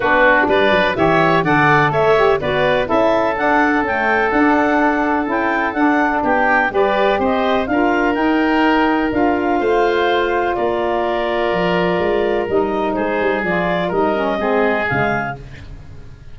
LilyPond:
<<
  \new Staff \with { instrumentName = "clarinet" } { \time 4/4 \tempo 4 = 125 b'4 d''4 e''4 fis''4 | e''4 d''4 e''4 fis''4 | g''4 fis''2 g''4 | fis''4 g''4 d''4 dis''4 |
f''4 g''2 f''4~ | f''2 d''2~ | d''2 dis''4 c''4 | d''4 dis''2 f''4 | }
  \new Staff \with { instrumentName = "oboe" } { \time 4/4 fis'4 b'4 cis''4 d''4 | cis''4 b'4 a'2~ | a'1~ | a'4 g'4 b'4 c''4 |
ais'1 | c''2 ais'2~ | ais'2. gis'4~ | gis'4 ais'4 gis'2 | }
  \new Staff \with { instrumentName = "saxophone" } { \time 4/4 d'2 g'4 a'4~ | a'8 g'8 fis'4 e'4 d'4 | a4 d'2 e'4 | d'2 g'2 |
f'4 dis'2 f'4~ | f'1~ | f'2 dis'2 | f'4 dis'8 cis'8 c'4 gis4 | }
  \new Staff \with { instrumentName = "tuba" } { \time 4/4 b4 g8 fis8 e4 d4 | a4 b4 cis'4 d'4 | cis'4 d'2 cis'4 | d'4 b4 g4 c'4 |
d'4 dis'2 d'4 | a2 ais2 | f4 gis4 g4 gis8 g8 | f4 g4 gis4 cis4 | }
>>